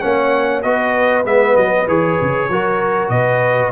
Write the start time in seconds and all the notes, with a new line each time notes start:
0.00 A#3 C#4 C#5 F#5
0.63 B3 F#4 B4 D#5
1.24 G#3 B3 E5
1.57 F#3 D#5
1.88 E3 G#4 C#5
2.22 C#3
2.50 F#3 F#4 A#4
3.10 B2 B4 D#5